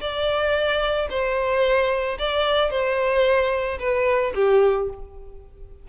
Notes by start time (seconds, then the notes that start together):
0.00 D5
1.10 C5
2.18 D5
2.70 C5
3.79 B4
4.34 G4